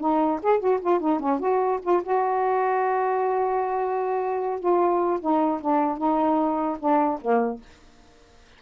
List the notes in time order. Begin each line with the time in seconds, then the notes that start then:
0.00 D#4
0.43 G#4
0.60 F#4
0.81 F4
1.00 D#4
1.20 C#4
1.40 F#4
1.83 F4
2.03 F#4
4.60 F4
5.21 D#4
5.61 D4
5.98 D#4
6.80 D4
7.21 A#3